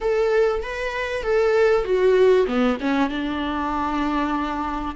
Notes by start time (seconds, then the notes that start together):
0.00 A4
0.62 B4
1.23 A4
1.84 F#4
2.46 B3
2.80 C#4
3.09 D4